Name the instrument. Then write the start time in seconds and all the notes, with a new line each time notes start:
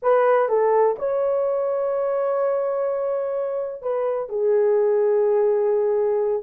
horn
0.02 B4
0.48 A4
0.98 C#5
3.82 B4
4.29 G#4